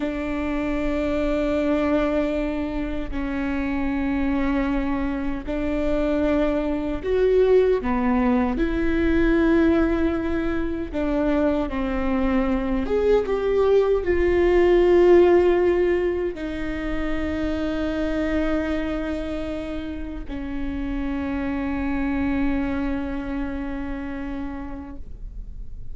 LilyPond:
\new Staff \with { instrumentName = "viola" } { \time 4/4 \tempo 4 = 77 d'1 | cis'2. d'4~ | d'4 fis'4 b4 e'4~ | e'2 d'4 c'4~ |
c'8 gis'8 g'4 f'2~ | f'4 dis'2.~ | dis'2 cis'2~ | cis'1 | }